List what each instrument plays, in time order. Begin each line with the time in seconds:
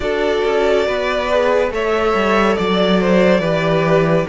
0.00 cello D4, viola F#4, violin A4 D5
0.44 cello C#4
0.86 cello B3, violin B4
1.30 viola G#4
1.71 cello A3, viola A4, violin C#5 E5
2.14 cello G3
2.56 cello F#3, violin D5
3.01 violin C5
3.39 cello E3, viola G4, violin B4